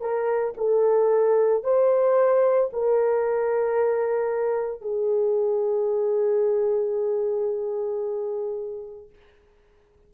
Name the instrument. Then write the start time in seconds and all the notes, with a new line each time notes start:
horn
0.00 A#4
0.57 A4
1.63 C5
2.73 A#4
4.81 G#4